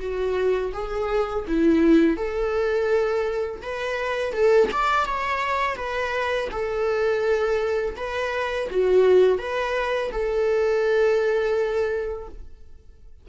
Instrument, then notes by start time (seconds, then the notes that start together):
viola
0.00 F#4
0.73 G#4
1.48 E4
2.17 A4
3.62 B4
4.33 A4
4.72 D5
5.05 C#5
5.76 B4
6.51 A4
7.96 B4
8.70 F#4
9.38 B4
10.11 A4